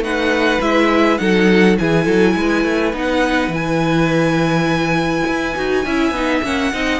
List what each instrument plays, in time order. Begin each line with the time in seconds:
0.00 cello A3, viola D#4, violin B4 F#5
0.60 cello G#3, viola E4, violin E5
1.18 cello F#3, viola D#4, violin A4 F#5
1.77 cello E3, viola E4, violin G#4 G#5
2.04 cello F#3, violin A4
2.35 cello G#3, violin B4
2.63 cello A3
2.93 cello B3, viola D#4, violin F#5
3.48 cello E3, viola E4
3.54 violin G#5
5.27 cello E4
5.55 cello D#4, viola F#4
5.85 cello C#4, viola E4, violin E5
6.11 cello B3, viola D#4
6.43 cello A#3, viola C#4, violin F#5
6.73 cello C4, viola D#4, violin D#5